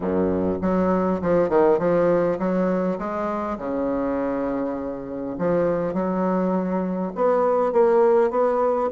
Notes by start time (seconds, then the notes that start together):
0.00 F#2
0.61 F#3
1.21 F3
1.49 D#3
1.78 F3
2.38 F#3
2.98 G#3
3.58 C#3
5.38 F3
5.93 F#3
7.15 B3
7.72 A#3
8.30 B3